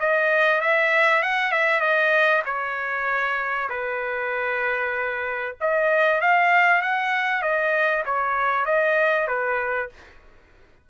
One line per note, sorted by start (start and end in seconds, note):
0.00 0.61 D#5
0.61 1.23 E5
1.23 1.52 F#5
1.52 1.81 E5
1.81 2.43 D#5
2.45 3.69 C#5
3.70 5.56 B4
5.61 6.21 D#5
6.21 6.82 F5
6.82 7.43 F#5
7.43 8.04 D#5
8.06 8.66 C#5
8.66 9.28 D#5
9.28 9.90 B4